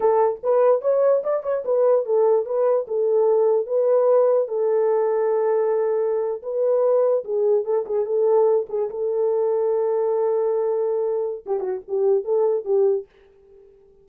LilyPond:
\new Staff \with { instrumentName = "horn" } { \time 4/4 \tempo 4 = 147 a'4 b'4 cis''4 d''8 cis''8 | b'4 a'4 b'4 a'4~ | a'4 b'2 a'4~ | a'2.~ a'8. b'16~ |
b'4.~ b'16 gis'4 a'8 gis'8 a'16~ | a'4~ a'16 gis'8 a'2~ a'16~ | a'1 | g'8 fis'8 g'4 a'4 g'4 | }